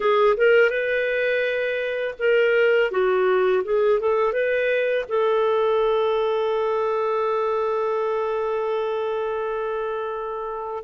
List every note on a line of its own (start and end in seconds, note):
0.00 0.36 G#4
0.36 0.70 A#4
0.70 2.14 B4
2.19 2.91 A#4
2.91 3.63 F#4
3.64 4.00 G#4
4.00 4.32 A4
4.32 5.05 B4
5.08 10.83 A4